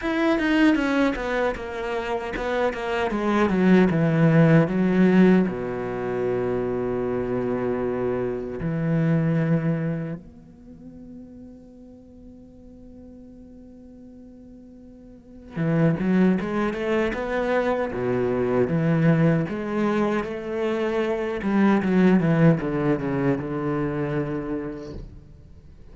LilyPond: \new Staff \with { instrumentName = "cello" } { \time 4/4 \tempo 4 = 77 e'8 dis'8 cis'8 b8 ais4 b8 ais8 | gis8 fis8 e4 fis4 b,4~ | b,2. e4~ | e4 b2.~ |
b1 | e8 fis8 gis8 a8 b4 b,4 | e4 gis4 a4. g8 | fis8 e8 d8 cis8 d2 | }